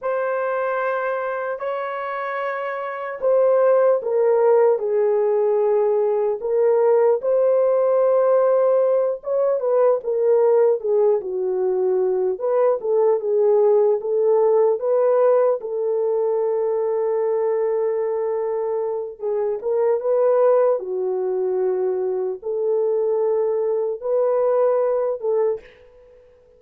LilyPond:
\new Staff \with { instrumentName = "horn" } { \time 4/4 \tempo 4 = 75 c''2 cis''2 | c''4 ais'4 gis'2 | ais'4 c''2~ c''8 cis''8 | b'8 ais'4 gis'8 fis'4. b'8 |
a'8 gis'4 a'4 b'4 a'8~ | a'1 | gis'8 ais'8 b'4 fis'2 | a'2 b'4. a'8 | }